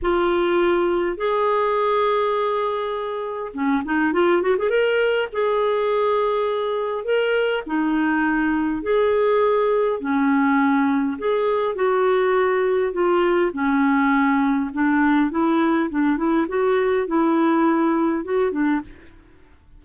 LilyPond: \new Staff \with { instrumentName = "clarinet" } { \time 4/4 \tempo 4 = 102 f'2 gis'2~ | gis'2 cis'8 dis'8 f'8 fis'16 gis'16 | ais'4 gis'2. | ais'4 dis'2 gis'4~ |
gis'4 cis'2 gis'4 | fis'2 f'4 cis'4~ | cis'4 d'4 e'4 d'8 e'8 | fis'4 e'2 fis'8 d'8 | }